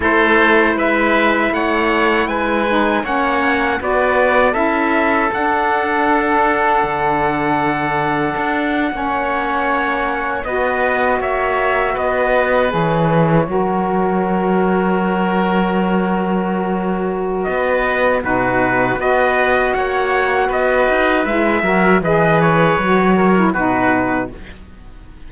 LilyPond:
<<
  \new Staff \with { instrumentName = "trumpet" } { \time 4/4 \tempo 4 = 79 c''4 e''4 fis''4 gis''4 | fis''4 d''4 e''4 fis''4~ | fis''1~ | fis''4.~ fis''16 dis''4 e''4 dis''16~ |
dis''8. cis''2.~ cis''16~ | cis''2. dis''4 | b'4 dis''4 fis''4 dis''4 | e''4 dis''8 cis''4. b'4 | }
  \new Staff \with { instrumentName = "oboe" } { \time 4/4 a'4 b'4 cis''4 b'4 | cis''4 b'4 a'2~ | a'2.~ a'8. cis''16~ | cis''4.~ cis''16 b'4 cis''4 b'16~ |
b'4.~ b'16 ais'2~ ais'16~ | ais'2. b'4 | fis'4 b'4 cis''4 b'4~ | b'8 ais'8 b'4. ais'8 fis'4 | }
  \new Staff \with { instrumentName = "saxophone" } { \time 4/4 e'2.~ e'8 dis'8 | cis'4 fis'4 e'4 d'4~ | d'2.~ d'8. cis'16~ | cis'4.~ cis'16 fis'2~ fis'16~ |
fis'8. gis'4 fis'2~ fis'16~ | fis'1 | dis'4 fis'2. | e'8 fis'8 gis'4 fis'8. e'16 dis'4 | }
  \new Staff \with { instrumentName = "cello" } { \time 4/4 a4 gis4 a4 gis4 | ais4 b4 cis'4 d'4~ | d'4 d2 d'8. ais16~ | ais4.~ ais16 b4 ais4 b16~ |
b8. e4 fis2~ fis16~ | fis2. b4 | b,4 b4 ais4 b8 dis'8 | gis8 fis8 e4 fis4 b,4 | }
>>